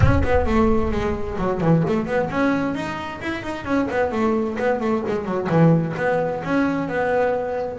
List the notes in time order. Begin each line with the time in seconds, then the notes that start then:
0.00 C#4
0.23 B3
0.46 A3
0.91 G#3
1.37 F#3
1.60 E3
1.87 A3
2.06 B3
2.30 C#4
2.74 D#4
3.21 E4
3.42 D#4
3.65 C#4
3.90 B3
4.11 A3
4.58 B3
4.80 A3
5.07 G#3
5.24 F#3
5.49 E3
5.97 B3
6.44 C#4
6.88 B3